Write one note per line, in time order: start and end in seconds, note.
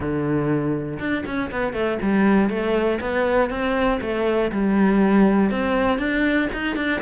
0.00 0.98 D3
0.99 1.24 D4
1.25 1.50 C#4
1.51 1.73 B3
1.73 1.98 A3
2.02 2.49 G3
2.49 2.99 A3
3.00 3.50 B3
3.50 4.00 C4
4.01 4.51 A3
4.51 5.50 G3
5.50 5.98 C4
5.98 6.48 D4
6.53 6.75 D#4
6.75 7.00 D4